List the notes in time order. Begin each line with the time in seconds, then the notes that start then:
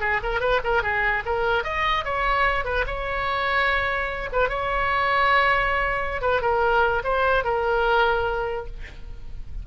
0.00 G#4
0.23 A#4
0.40 B4
0.63 A#4
0.82 G#4
1.25 A#4
1.64 D#5
2.04 C#5
2.64 B4
2.87 C#5
4.32 B4
4.49 C#5
6.21 B4
6.41 A#4
7.04 C5
7.44 A#4